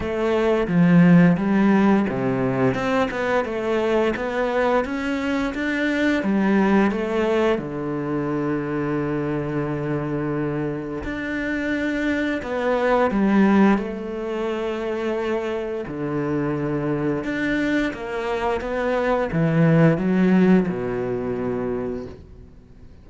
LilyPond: \new Staff \with { instrumentName = "cello" } { \time 4/4 \tempo 4 = 87 a4 f4 g4 c4 | c'8 b8 a4 b4 cis'4 | d'4 g4 a4 d4~ | d1 |
d'2 b4 g4 | a2. d4~ | d4 d'4 ais4 b4 | e4 fis4 b,2 | }